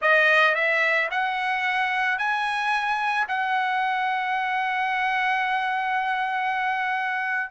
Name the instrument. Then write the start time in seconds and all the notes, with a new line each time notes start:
trumpet
0.01 D#5
0.54 E5
1.11 F#5
2.18 G#5
3.28 F#5